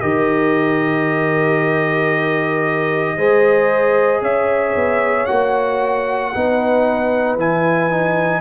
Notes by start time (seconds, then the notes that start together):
0.00 D#3 G4 A#4 D#5
3.16 G#3 G#4 C5
4.21 C#4 C#5 E5
4.74 B3
5.25 A#3 F#4 F#5
6.34 B3 D#4 B4
7.36 E3 E4 G#5
7.90 D#4